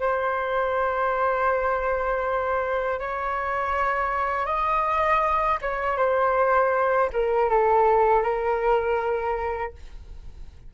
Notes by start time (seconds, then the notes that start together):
0.00 C5
3.00 C#5
4.46 D#5
5.62 C#5
5.98 C5
7.13 A#4
7.50 A4
8.23 A#4